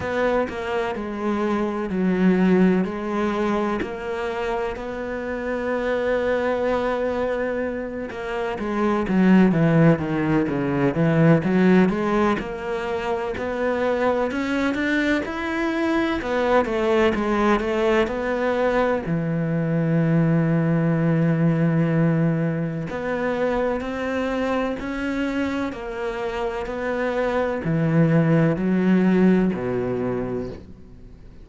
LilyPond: \new Staff \with { instrumentName = "cello" } { \time 4/4 \tempo 4 = 63 b8 ais8 gis4 fis4 gis4 | ais4 b2.~ | b8 ais8 gis8 fis8 e8 dis8 cis8 e8 | fis8 gis8 ais4 b4 cis'8 d'8 |
e'4 b8 a8 gis8 a8 b4 | e1 | b4 c'4 cis'4 ais4 | b4 e4 fis4 b,4 | }